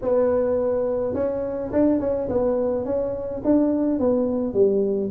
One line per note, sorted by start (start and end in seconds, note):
0.01 1.14 B3
1.14 1.71 C#4
1.72 1.99 D4
1.99 2.28 C#4
2.28 2.85 B3
2.85 3.42 C#4
3.44 3.99 D4
3.99 4.53 B3
4.53 5.10 G3